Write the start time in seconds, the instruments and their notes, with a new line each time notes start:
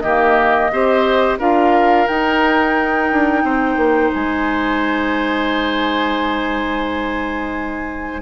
0.00 bassoon D#3, clarinet A#3, oboe G4, flute D#5
0.71 bassoon C4, clarinet G4, oboe C5
1.39 bassoon D4, clarinet F4, oboe A#4, flute F5
2.08 clarinet D#4, bassoon D#4, flute G5
3.11 bassoon D4
3.43 bassoon C4, oboe C5
3.76 bassoon A#3
4.13 bassoon G#3, flute G#5